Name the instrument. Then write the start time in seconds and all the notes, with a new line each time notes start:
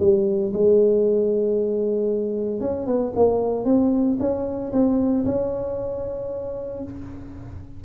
tuba
0.00 G3
0.53 G#3
2.61 C#4
2.87 B3
3.16 A#3
3.65 C4
4.20 C#4
4.73 C4
5.25 C#4